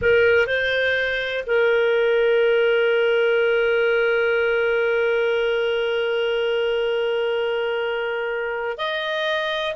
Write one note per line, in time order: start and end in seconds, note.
0.01 0.47 A#4
0.47 1.44 C5
1.46 8.77 A#4
8.77 9.75 D#5